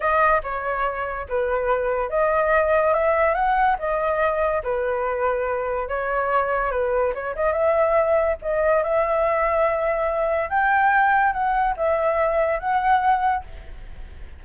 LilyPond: \new Staff \with { instrumentName = "flute" } { \time 4/4 \tempo 4 = 143 dis''4 cis''2 b'4~ | b'4 dis''2 e''4 | fis''4 dis''2 b'4~ | b'2 cis''2 |
b'4 cis''8 dis''8 e''2 | dis''4 e''2.~ | e''4 g''2 fis''4 | e''2 fis''2 | }